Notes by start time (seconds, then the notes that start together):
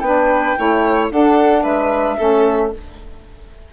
0.00 B3 D4 B4 G5
0.57 A3 E4 C#5
1.10 D4 A4 F#5
1.63 G#3 B4 E5
2.18 A3 C#4 A4